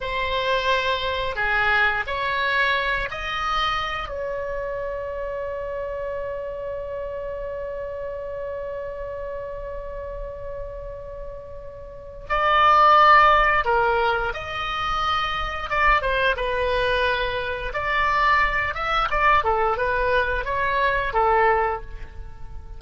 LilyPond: \new Staff \with { instrumentName = "oboe" } { \time 4/4 \tempo 4 = 88 c''2 gis'4 cis''4~ | cis''8 dis''4. cis''2~ | cis''1~ | cis''1~ |
cis''2 d''2 | ais'4 dis''2 d''8 c''8 | b'2 d''4. e''8 | d''8 a'8 b'4 cis''4 a'4 | }